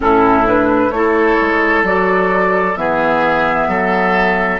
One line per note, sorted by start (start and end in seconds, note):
0.00 0.90 A2
0.00 0.44 C#4
0.00 0.94 E4
0.00 0.47 A4
0.45 0.91 D4
0.45 0.91 B4
0.90 1.37 A3
0.90 1.85 E4
0.90 2.79 A4
0.90 1.83 C#5
1.40 1.83 G#3
1.83 2.75 F#3
1.83 2.76 F#4
1.83 2.76 D5
2.76 3.67 E3
2.76 4.60 B3
2.76 3.68 G#4
2.76 4.60 E5
3.67 4.59 F#3
3.67 4.60 A4